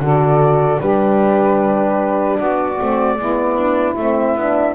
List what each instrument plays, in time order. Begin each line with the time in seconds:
0.00 double bass D3, horn F#4, saxophone A4, flute D5
0.80 double bass G3, horn D4, saxophone G4, flute B4
2.37 double bass B3, saxophone F#4, flute D5
2.78 double bass A3, horn C4
3.18 double bass G#3, horn B3, saxophone E4
3.57 double bass D4
3.96 double bass A3, horn C4, flute E5
4.36 double bass B3, horn D4